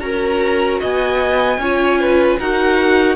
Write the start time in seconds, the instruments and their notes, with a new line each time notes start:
0.00 cello C#4, viola F#4, violin A#4 A#5
0.80 cello B3, violin D#5 G#5
1.58 cello C#4, viola F4, violin C#5
2.01 violin B4
2.39 cello D#4, viola F#4, violin A#4 F#5